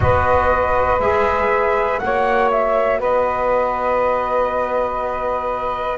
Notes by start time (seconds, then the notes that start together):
0.00 B3 F#4 B4 D#5
0.99 G#3 G#4 E5
1.99 A#3 F#4 C#5 F#5
2.50 E5
2.99 B3 B4 D#5